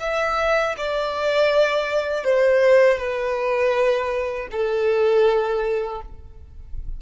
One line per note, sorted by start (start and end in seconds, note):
0.00 0.75 E5
0.77 2.24 D5
2.24 2.98 C5
2.98 4.48 B4
4.52 6.02 A4